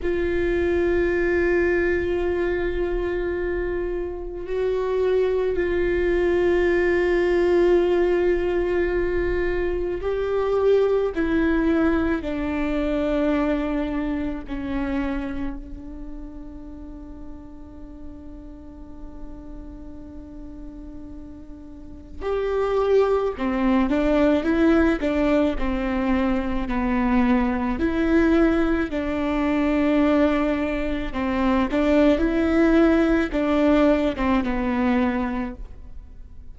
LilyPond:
\new Staff \with { instrumentName = "viola" } { \time 4/4 \tempo 4 = 54 f'1 | fis'4 f'2.~ | f'4 g'4 e'4 d'4~ | d'4 cis'4 d'2~ |
d'1 | g'4 c'8 d'8 e'8 d'8 c'4 | b4 e'4 d'2 | c'8 d'8 e'4 d'8. c'16 b4 | }